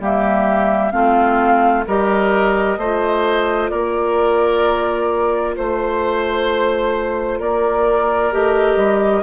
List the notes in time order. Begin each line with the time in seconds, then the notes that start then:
0.00 G3 A#3 G4 E5
0.91 A3 C4 F4 F5
1.87 G3 G4 A#4 D#5
2.77 A3 F4 C5
3.70 A#3 A#4 D5
5.56 A3 C5
7.39 A#3 A#4 D5
8.32 A3 G4 D#5
8.77 G3